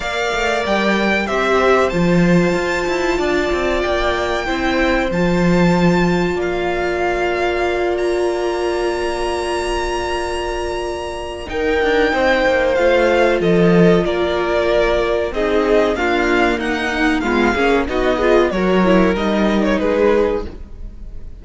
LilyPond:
<<
  \new Staff \with { instrumentName = "violin" } { \time 4/4 \tempo 4 = 94 f''4 g''4 e''4 a''4~ | a''2 g''2 | a''2 f''2~ | f''8 ais''2.~ ais''8~ |
ais''2 g''2 | f''4 dis''4 d''2 | dis''4 f''4 fis''4 f''4 | dis''4 cis''4 dis''8. cis''16 b'4 | }
  \new Staff \with { instrumentName = "violin" } { \time 4/4 d''2 c''2~ | c''4 d''2 c''4~ | c''2 d''2~ | d''1~ |
d''2 ais'4 c''4~ | c''4 a'4 ais'2 | gis'4 f'4 dis'4 f'8 gis'8 | fis'8 gis'8 ais'2 gis'4 | }
  \new Staff \with { instrumentName = "viola" } { \time 4/4 ais'2 g'4 f'4~ | f'2. e'4 | f'1~ | f'1~ |
f'2 dis'2 | f'1 | dis'4 ais2 b8 cis'8 | dis'8 f'8 fis'8 e'8 dis'2 | }
  \new Staff \with { instrumentName = "cello" } { \time 4/4 ais8 a8 g4 c'4 f4 | f'8 e'8 d'8 c'8 ais4 c'4 | f2 ais2~ | ais1~ |
ais2 dis'8 d'8 c'8 ais8 | a4 f4 ais2 | c'4 d'4 dis'4 gis8 ais8 | b4 fis4 g4 gis4 | }
>>